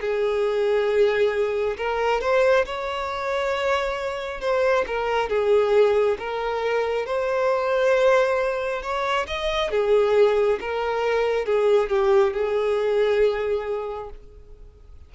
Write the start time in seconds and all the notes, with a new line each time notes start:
0.00 G#4
1.77 A#4
2.21 C5
2.65 C#5
4.40 C5
4.86 A#4
5.29 G#4
6.18 A#4
7.06 C5
8.82 C#5
9.27 D#5
9.71 G#4
10.60 A#4
11.45 G#4
11.89 G4
12.33 G#4